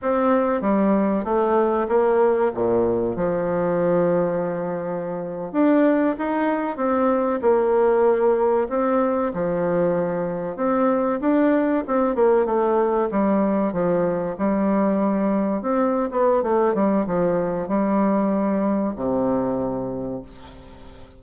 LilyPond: \new Staff \with { instrumentName = "bassoon" } { \time 4/4 \tempo 4 = 95 c'4 g4 a4 ais4 | ais,4 f2.~ | f8. d'4 dis'4 c'4 ais16~ | ais4.~ ais16 c'4 f4~ f16~ |
f8. c'4 d'4 c'8 ais8 a16~ | a8. g4 f4 g4~ g16~ | g8. c'8. b8 a8 g8 f4 | g2 c2 | }